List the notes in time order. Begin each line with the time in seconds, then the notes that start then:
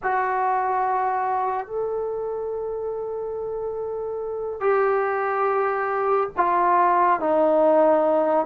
0.02 F#4
1.67 A4
4.60 G4
6.36 F4
7.19 D#4